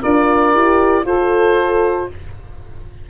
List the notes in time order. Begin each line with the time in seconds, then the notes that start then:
0.00 D4 F4 A#4 D5
0.54 E4 G4
1.05 F4 A4 C5